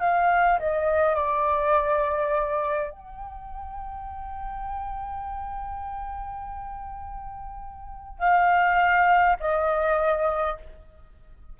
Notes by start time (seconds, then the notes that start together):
0.00 F5
0.59 D#5
1.16 D5
2.91 G5
8.19 F5
9.40 D#5